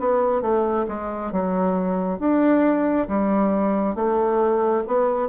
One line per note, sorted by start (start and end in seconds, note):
0.00 0.42 B3
0.42 0.86 A3
0.88 1.32 G#3
1.32 2.20 F#3
2.20 3.08 D4
3.08 3.96 G3
3.96 4.84 A3
4.88 5.29 B3